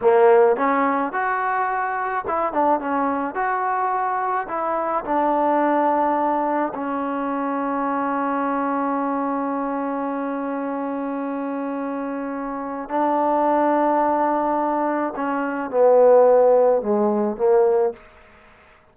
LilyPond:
\new Staff \with { instrumentName = "trombone" } { \time 4/4 \tempo 4 = 107 ais4 cis'4 fis'2 | e'8 d'8 cis'4 fis'2 | e'4 d'2. | cis'1~ |
cis'1~ | cis'2. d'4~ | d'2. cis'4 | b2 gis4 ais4 | }